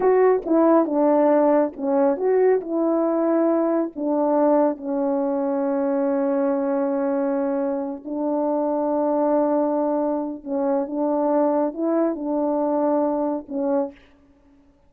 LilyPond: \new Staff \with { instrumentName = "horn" } { \time 4/4 \tempo 4 = 138 fis'4 e'4 d'2 | cis'4 fis'4 e'2~ | e'4 d'2 cis'4~ | cis'1~ |
cis'2~ cis'8 d'4.~ | d'1 | cis'4 d'2 e'4 | d'2. cis'4 | }